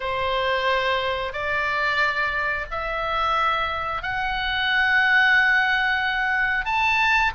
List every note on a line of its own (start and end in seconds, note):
0.00 1.32 C5
1.32 2.65 D5
2.70 4.02 E5
4.02 6.65 F#5
6.65 7.32 A5